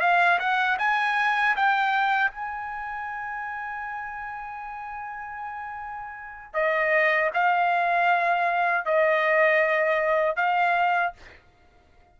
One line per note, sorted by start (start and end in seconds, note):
0.00 0.38 F5
0.39 0.77 F#5
0.79 1.56 G#5
1.56 2.31 G5
2.31 6.53 G#5
6.53 7.30 D#5
7.34 8.85 F5
8.85 10.36 D#5
10.36 11.13 F5